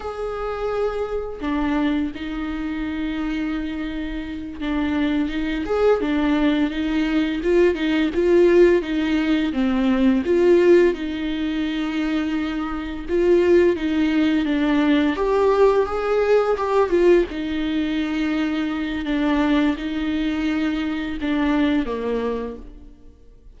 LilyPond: \new Staff \with { instrumentName = "viola" } { \time 4/4 \tempo 4 = 85 gis'2 d'4 dis'4~ | dis'2~ dis'8 d'4 dis'8 | gis'8 d'4 dis'4 f'8 dis'8 f'8~ | f'8 dis'4 c'4 f'4 dis'8~ |
dis'2~ dis'8 f'4 dis'8~ | dis'8 d'4 g'4 gis'4 g'8 | f'8 dis'2~ dis'8 d'4 | dis'2 d'4 ais4 | }